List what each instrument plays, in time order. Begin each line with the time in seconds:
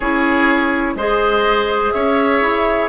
0.00 bassoon C#4, clarinet E4, oboe G#4, flute C#5
0.95 bassoon G#3, clarinet G#4, oboe C5, flute D#5
1.91 bassoon C#4, oboe C#5, flute E5
2.41 bassoon E4